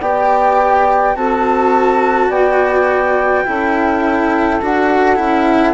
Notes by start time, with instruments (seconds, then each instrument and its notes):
0.00 bassoon B3, cello G4, saxophone D5, flute G5
1.15 bassoon C4, cello F#4, saxophone A4, flute A5
2.28 bassoon B3, saxophone D5, flute G5
3.45 bassoon C#4, cello E4, saxophone A4
4.62 bassoon D4, cello F#4, flute F#5
5.16 bassoon C#4, cello E4